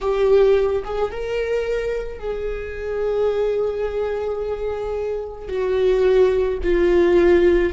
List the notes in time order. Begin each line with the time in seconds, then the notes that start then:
0.00 G4
0.84 G#4
1.11 A#4
2.19 G#4
5.48 F#4
6.63 F4